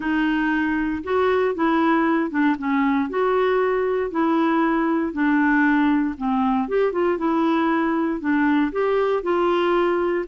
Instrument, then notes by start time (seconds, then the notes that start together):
clarinet
0.00 D#4
1.03 F#4
1.55 E4
2.30 D4
2.58 C#4
3.09 F#4
4.10 E4
5.12 D4
6.17 C4
6.68 G4
6.92 F4
7.18 E4
8.20 D4
8.72 G4
9.22 F4